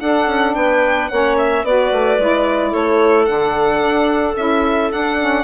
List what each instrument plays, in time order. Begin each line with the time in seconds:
0.00 bassoon D4, saxophone D4, clarinet A4, violin F#5
0.27 bassoon C#4
0.55 bassoon B3, clarinet B4, violin G5
1.09 bassoon A#3, saxophone C#4, clarinet C#5, violin F#5
1.38 violin E5
1.64 bassoon B3, saxophone F#4, clarinet B4, violin D5
1.92 bassoon A3
2.19 bassoon G#3, saxophone E4
2.71 bassoon A3, clarinet A4, violin C#5
3.26 bassoon D3, saxophone D4, violin F#5
3.81 bassoon D4
4.37 bassoon C#4, saxophone E4, violin E5
4.91 saxophone D4, bassoon D4, violin F#5
5.20 saxophone C#4